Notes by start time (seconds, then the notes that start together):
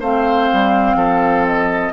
0.00 A3 C4 C5 F5
0.53 G3
0.95 F3 A4
1.48 D#5